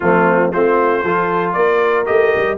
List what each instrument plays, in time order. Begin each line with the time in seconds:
0.00 tuba F3, trombone A3, horn C4, trumpet F4
0.52 tuba A3, trombone C4, horn F4, trumpet C5
1.03 tuba F3, trombone F4, horn A4
1.53 tuba A#3, horn A#4, trumpet D5
2.05 tuba A3, trombone G4, trumpet D#5
2.35 tuba G3